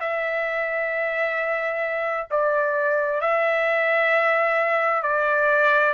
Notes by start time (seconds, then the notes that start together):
0.00 E5
2.30 D5
3.21 E5
5.02 D5